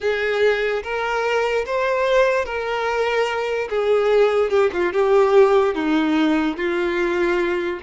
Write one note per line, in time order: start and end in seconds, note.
0.00 0.83 G#4
0.83 1.65 A#4
1.66 2.45 C5
2.45 3.68 A#4
3.69 4.49 G#4
4.49 4.70 G4
4.72 4.92 F4
4.92 5.75 G4
5.75 6.56 D#4
6.56 7.80 F4